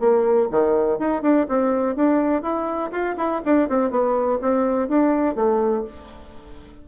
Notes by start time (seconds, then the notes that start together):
0.00 A#3
0.51 D#3
0.99 D#4
1.22 D4
1.49 C4
1.96 D4
2.43 E4
2.92 F4
3.17 E4
3.45 D4
3.69 C4
3.91 B3
4.41 C4
4.89 D4
5.35 A3